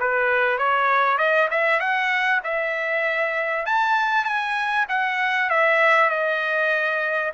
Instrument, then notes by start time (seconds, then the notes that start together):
trumpet
0.00 B4
0.58 C#5
1.18 D#5
1.51 E5
1.80 F#5
2.44 E5
3.66 A5
4.25 G#5
4.89 F#5
5.50 E5
6.10 D#5